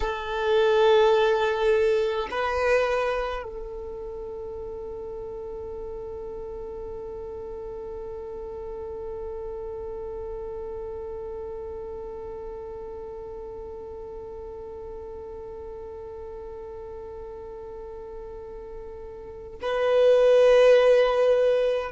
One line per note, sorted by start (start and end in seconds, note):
0.00 2.28 A4
2.30 3.43 B4
3.43 19.58 A4
19.61 21.91 B4